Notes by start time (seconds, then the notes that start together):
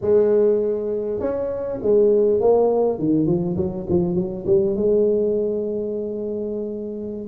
0.01 G#3
1.19 C#4
1.81 G#3
2.40 A#3
2.98 D#3
3.26 F3
3.56 F#3
3.89 F3
4.15 F#3
4.46 G3
4.76 G#3